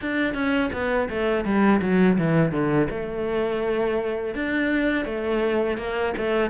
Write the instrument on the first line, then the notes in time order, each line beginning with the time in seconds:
cello
0.01 D4
0.34 C#4
0.72 B3
1.09 A3
1.45 G3
1.81 F#3
2.18 E3
2.51 D3
2.90 A3
4.34 D4
5.05 A3
5.77 A#3
6.17 A3